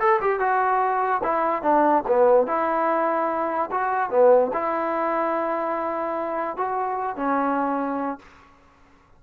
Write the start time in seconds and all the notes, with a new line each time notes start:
0.00 A4
0.22 G4
0.40 F#4
1.24 E4
1.63 D4
2.08 B3
2.47 E4
3.72 F#4
4.11 B3
4.54 E4
6.57 F#4
7.17 C#4